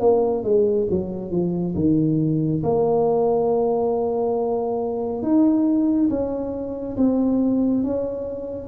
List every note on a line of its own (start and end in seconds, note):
0.00 0.43 A#3
0.43 0.87 G#3
0.90 1.30 F#3
1.30 1.74 F3
1.75 2.62 D#3
2.63 5.22 A#3
5.22 6.09 D#4
6.09 6.96 C#4
6.96 7.83 C4
7.83 8.68 C#4